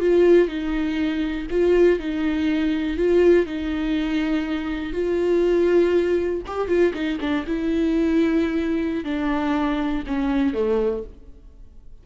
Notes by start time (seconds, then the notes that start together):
0.00 F4
0.48 D#4
1.51 F4
1.99 D#4
2.97 F4
3.46 D#4
4.93 F4
6.47 G4
6.68 F4
6.94 D#4
7.20 D4
7.46 E4
9.05 D4
10.07 C#4
10.54 A3